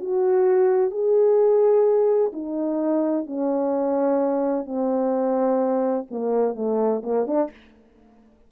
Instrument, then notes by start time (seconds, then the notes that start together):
horn
0.00 F#4
0.91 G#4
2.32 D#4
3.26 C#4
4.65 C4
6.10 A#3
6.55 A3
7.03 A#3
7.27 D4